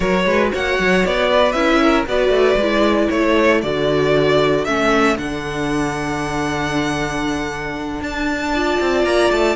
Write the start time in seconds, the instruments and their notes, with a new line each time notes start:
0.00 cello F#3, viola F#4, violin A#4 C#5
0.25 cello G#3, violin B4
0.52 cello A#3, violin C#5 F#5
0.79 cello F#3
1.05 cello B3, violin D5
1.31 violin B4
1.51 cello C#4, viola E4, violin E5
1.82 violin A#4
2.06 cello B3, viola F#4, violin B4 D5
2.29 cello A3
2.56 cello G#3, viola E4
3.09 cello A3, violin A4 C#5
3.62 cello D3, viola F#4, violin D5
4.64 cello A3, viola C#4, violin E5
5.16 cello D3, viola D4, violin F#5
8.00 cello D4, violin A5
8.53 viola F4, violin D5
8.80 cello C4
9.04 cello A#3, violin A#5
9.31 cello A3, violin A5